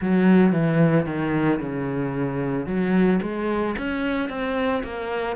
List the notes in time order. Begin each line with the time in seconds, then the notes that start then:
0.01 F#3
0.52 E3
1.06 D#3
1.59 C#3
2.66 F#3
3.22 G#3
3.77 C#4
4.29 C4
4.83 A#3